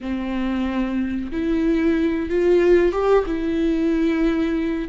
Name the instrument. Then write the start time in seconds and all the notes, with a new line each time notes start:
viola
0.00 C4
1.31 E4
2.29 F4
2.91 G4
3.26 E4